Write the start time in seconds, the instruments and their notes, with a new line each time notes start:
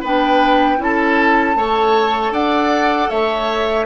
0.00 bassoon B3, clarinet D4, oboe B4, flute G5
0.78 bassoon C#4, clarinet E4, oboe A4, flute A5
1.56 bassoon A3, clarinet A4, oboe C#5
2.31 bassoon D4, oboe D5, flute F#5
3.10 bassoon A3, oboe C#5, flute E5